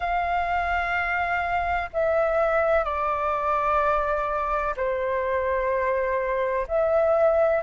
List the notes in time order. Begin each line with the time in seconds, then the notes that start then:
0.00 F5
1.93 E5
2.84 D5
4.76 C5
6.67 E5